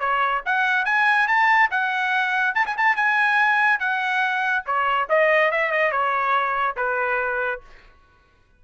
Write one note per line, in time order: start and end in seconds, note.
0.00 0.42 C#5
0.46 0.86 F#5
0.86 1.28 G#5
1.28 1.70 A5
1.71 2.55 F#5
2.55 2.66 A5
2.67 2.77 G#5
2.78 2.97 A5
2.97 3.80 G#5
3.80 4.65 F#5
4.67 5.09 C#5
5.10 5.52 D#5
5.52 5.72 E5
5.72 5.92 D#5
5.92 6.76 C#5
6.77 7.61 B4